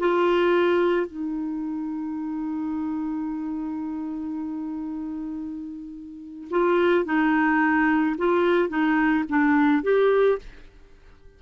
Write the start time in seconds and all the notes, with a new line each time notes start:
0.00 F4
1.07 D#4
6.51 F4
7.05 D#4
8.18 F4
8.69 D#4
9.30 D4
9.83 G4